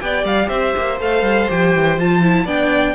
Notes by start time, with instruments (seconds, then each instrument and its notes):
0.00 cello B3, viola G4, violin D5 G5
0.24 cello G3, violin F5
0.48 cello C4, violin C5 E5
0.77 cello A#3
0.99 cello A3, viola A4, violin F5
1.22 cello G3
1.49 cello F3, viola G4, violin G5
1.75 cello E3
1.97 cello F3, viola F4, violin A5
2.22 viola E4
2.45 cello B3, viola D4, violin D5 G5